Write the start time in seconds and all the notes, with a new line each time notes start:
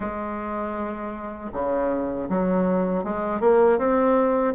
0.00 G#3
1.53 C#3
2.29 F#3
3.04 G#3
3.40 A#3
3.78 C4